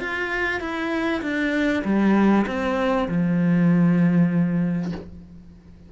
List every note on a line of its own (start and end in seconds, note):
0.00 0.60 F4
0.60 1.22 E4
1.22 1.83 D4
1.84 2.45 G3
2.47 3.08 C4
3.08 4.92 F3